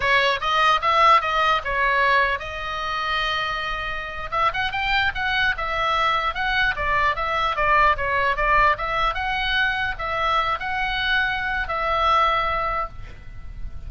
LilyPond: \new Staff \with { instrumentName = "oboe" } { \time 4/4 \tempo 4 = 149 cis''4 dis''4 e''4 dis''4 | cis''2 dis''2~ | dis''2~ dis''8. e''8 fis''8 g''16~ | g''8. fis''4 e''2 fis''16~ |
fis''8. d''4 e''4 d''4 cis''16~ | cis''8. d''4 e''4 fis''4~ fis''16~ | fis''8. e''4. fis''4.~ fis''16~ | fis''4 e''2. | }